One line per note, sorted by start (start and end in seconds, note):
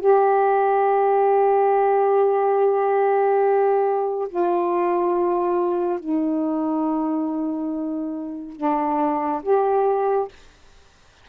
0.00 4.29 G4
4.29 6.00 F4
6.00 8.57 D#4
8.57 9.42 D4
9.43 10.29 G4